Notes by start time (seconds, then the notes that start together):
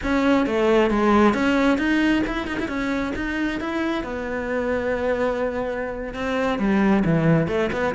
0.03 C#4
0.46 A3
0.90 G#3
1.34 C#4
1.77 D#4
2.26 E4
2.47 D#4
2.59 E4
2.68 C#4
3.15 D#4
3.60 E4
4.03 B3
6.13 C4
6.58 G3
7.04 E3
7.47 A3
7.72 B3